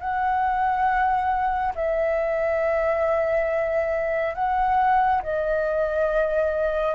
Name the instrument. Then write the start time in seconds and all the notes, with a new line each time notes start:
flute
0.00 F#5
1.75 E5
4.35 F#5
5.23 D#5